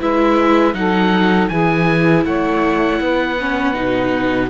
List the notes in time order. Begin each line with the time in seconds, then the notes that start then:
0.00 G#3 E4 B4 E5
0.73 F#3 D#4 A4 F#5
1.48 E3 E4 G#4 G#5
2.25 A3 C#5 F#5
3.00 B3 B4
3.40 C#4
3.74 B2 D#4